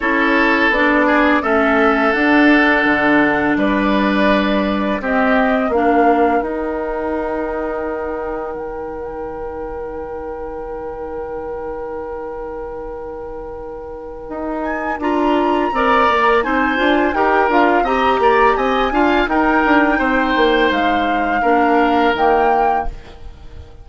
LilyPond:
<<
  \new Staff \with { instrumentName = "flute" } { \time 4/4 \tempo 4 = 84 cis''4 d''4 e''4 fis''4~ | fis''4 d''2 dis''4 | f''4 g''2.~ | g''1~ |
g''1~ | g''8 gis''8 ais''2 gis''4 | g''8 f''8 ais''4 gis''4 g''4~ | g''4 f''2 g''4 | }
  \new Staff \with { instrumentName = "oboe" } { \time 4/4 a'4. gis'8 a'2~ | a'4 b'2 g'4 | ais'1~ | ais'1~ |
ais'1~ | ais'2 d''4 c''4 | ais'4 dis''8 d''8 dis''8 f''8 ais'4 | c''2 ais'2 | }
  \new Staff \with { instrumentName = "clarinet" } { \time 4/4 e'4 d'4 cis'4 d'4~ | d'2. c'4 | d'4 dis'2.~ | dis'1~ |
dis'1~ | dis'4 f'4 ais'4 dis'8 f'8 | g'8 f'8 g'4. f'8 dis'4~ | dis'2 d'4 ais4 | }
  \new Staff \with { instrumentName = "bassoon" } { \time 4/4 cis'4 b4 a4 d'4 | d4 g2 c'4 | ais4 dis'2. | dis1~ |
dis1 | dis'4 d'4 c'8 ais8 c'8 d'8 | dis'8 d'8 c'8 ais8 c'8 d'8 dis'8 d'8 | c'8 ais8 gis4 ais4 dis4 | }
>>